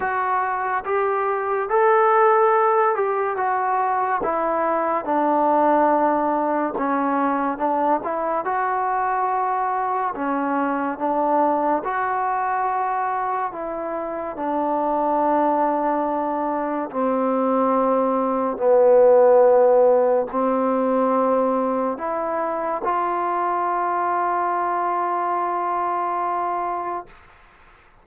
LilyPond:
\new Staff \with { instrumentName = "trombone" } { \time 4/4 \tempo 4 = 71 fis'4 g'4 a'4. g'8 | fis'4 e'4 d'2 | cis'4 d'8 e'8 fis'2 | cis'4 d'4 fis'2 |
e'4 d'2. | c'2 b2 | c'2 e'4 f'4~ | f'1 | }